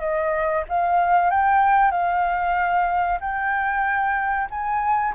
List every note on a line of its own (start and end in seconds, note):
0.00 0.64 D#5
0.69 1.31 F5
1.31 1.91 G5
1.91 3.19 F5
3.21 4.49 G5
4.51 5.15 G#5